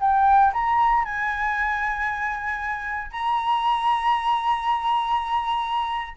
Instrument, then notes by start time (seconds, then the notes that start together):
flute
0.00 G5
0.53 A#5
1.04 G#5
3.10 A#5